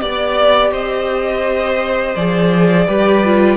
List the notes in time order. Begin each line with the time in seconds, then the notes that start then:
0.00 B3 G4 D5
0.71 C4 C5 D#5
2.15 F3 G#4 D5
2.87 G3 G4 B4
3.24 F4